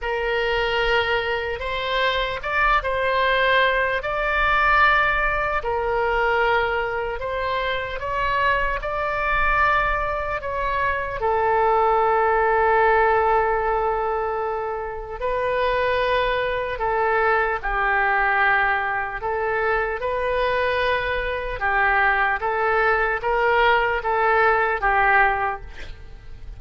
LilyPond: \new Staff \with { instrumentName = "oboe" } { \time 4/4 \tempo 4 = 75 ais'2 c''4 d''8 c''8~ | c''4 d''2 ais'4~ | ais'4 c''4 cis''4 d''4~ | d''4 cis''4 a'2~ |
a'2. b'4~ | b'4 a'4 g'2 | a'4 b'2 g'4 | a'4 ais'4 a'4 g'4 | }